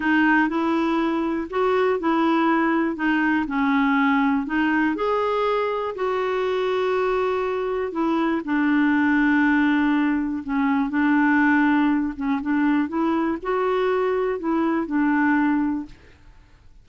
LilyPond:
\new Staff \with { instrumentName = "clarinet" } { \time 4/4 \tempo 4 = 121 dis'4 e'2 fis'4 | e'2 dis'4 cis'4~ | cis'4 dis'4 gis'2 | fis'1 |
e'4 d'2.~ | d'4 cis'4 d'2~ | d'8 cis'8 d'4 e'4 fis'4~ | fis'4 e'4 d'2 | }